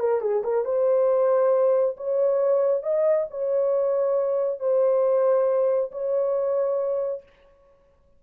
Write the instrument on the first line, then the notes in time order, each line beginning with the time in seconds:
horn
0.00 A#4
0.21 G#4
0.44 A#4
0.65 C5
1.97 C#5
2.83 D#5
3.31 C#5
4.60 C5
5.92 C#5